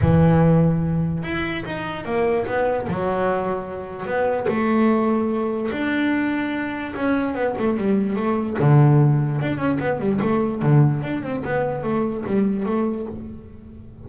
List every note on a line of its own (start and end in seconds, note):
0.01 1.23 E3
1.23 1.64 E4
1.65 2.05 D#4
2.05 2.45 A#3
2.46 2.87 B3
2.88 4.05 F#3
4.05 4.46 B3
4.47 5.70 A3
5.71 6.94 D4
6.95 7.34 C#4
7.34 7.54 B3
7.58 7.77 A3
7.77 8.15 G3
8.15 8.56 A3
8.59 9.40 D3
9.41 9.57 D4
9.57 9.78 C#4
9.79 9.99 B3
9.99 10.19 G3
10.21 10.62 A3
10.62 11.02 D3
11.02 11.22 D4
11.22 11.43 C4
11.44 11.83 B3
11.83 12.24 A3
12.26 12.65 G3
12.65 13.06 A3